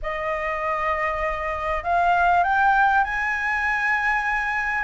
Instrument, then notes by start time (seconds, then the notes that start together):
flute
0.02 D#5
1.83 F5
2.43 G5
3.04 G#5